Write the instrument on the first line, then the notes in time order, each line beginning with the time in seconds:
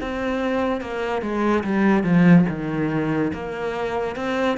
cello
0.00 C4
0.81 A#3
1.22 G#3
1.63 G3
2.03 F3
2.48 D#3
3.33 A#3
4.15 C4